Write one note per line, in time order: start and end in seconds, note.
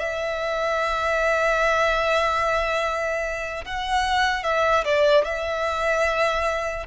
0.00 3.65 E5
3.66 4.44 F#5
4.44 4.85 E5
4.85 5.25 D5
5.25 6.87 E5